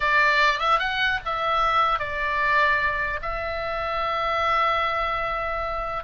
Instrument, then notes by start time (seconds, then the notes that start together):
oboe
0.00 D5
0.59 E5
0.79 F#5
1.25 E5
1.99 D5
3.22 E5